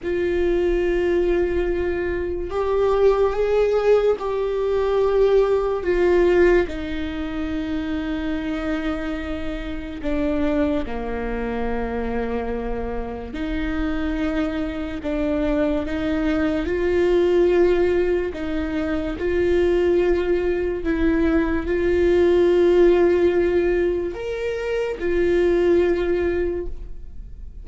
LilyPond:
\new Staff \with { instrumentName = "viola" } { \time 4/4 \tempo 4 = 72 f'2. g'4 | gis'4 g'2 f'4 | dis'1 | d'4 ais2. |
dis'2 d'4 dis'4 | f'2 dis'4 f'4~ | f'4 e'4 f'2~ | f'4 ais'4 f'2 | }